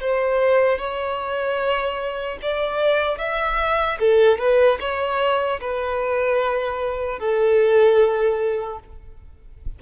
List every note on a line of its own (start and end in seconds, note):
0.00 0.78 C5
0.78 2.38 C#5
2.42 3.18 D5
3.18 3.98 E5
3.99 4.38 A4
4.38 4.78 B4
4.80 5.60 C#5
5.60 7.19 B4
7.19 8.79 A4